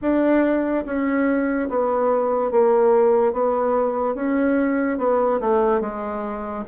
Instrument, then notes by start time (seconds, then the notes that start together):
bassoon
0.01 D4
0.85 C#4
1.69 B3
2.51 A#3
3.32 B3
4.14 C#4
4.98 B3
5.40 A3
5.81 G#3